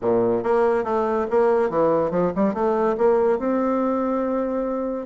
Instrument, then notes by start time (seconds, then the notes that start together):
bassoon
0.01 A#2
0.43 A#3
0.84 A3
1.30 A#3
1.69 E3
2.10 F3
2.35 G3
2.54 A3
2.97 A#3
3.38 C4